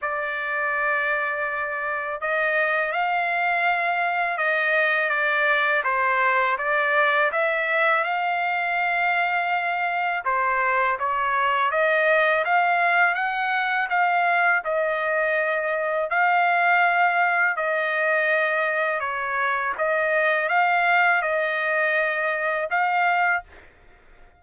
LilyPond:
\new Staff \with { instrumentName = "trumpet" } { \time 4/4 \tempo 4 = 82 d''2. dis''4 | f''2 dis''4 d''4 | c''4 d''4 e''4 f''4~ | f''2 c''4 cis''4 |
dis''4 f''4 fis''4 f''4 | dis''2 f''2 | dis''2 cis''4 dis''4 | f''4 dis''2 f''4 | }